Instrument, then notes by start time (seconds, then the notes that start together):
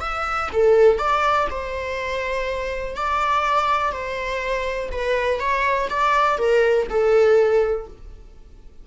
viola
0.00 E5
0.52 A4
0.98 D5
1.50 C5
2.96 D5
3.92 C5
4.91 B4
5.39 C#5
5.89 D5
6.37 A#4
6.89 A4